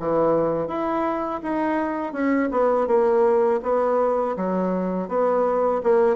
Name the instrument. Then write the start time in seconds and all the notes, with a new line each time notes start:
bassoon
0.00 E3
0.68 E4
1.43 D#4
2.13 C#4
2.52 B3
2.88 A#3
3.63 B3
4.37 F#3
5.09 B3
5.84 A#3